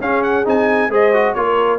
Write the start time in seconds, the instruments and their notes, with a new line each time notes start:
0.00 tuba C#4, trombone C#4, horn G#4, trumpet F5
0.23 trumpet F#5
0.45 tuba C4, trombone D#4, trumpet G#5
0.89 tuba G#3, trombone G#4, horn C5, trumpet D#5
1.14 trombone F#4
1.34 tuba A#3, trombone F4, horn A#4, trumpet C#5